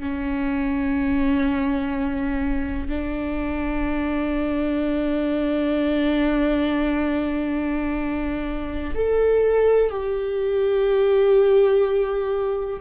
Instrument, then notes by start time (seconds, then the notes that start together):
viola
0.00 C#4
2.89 D4
8.95 A4
9.90 G4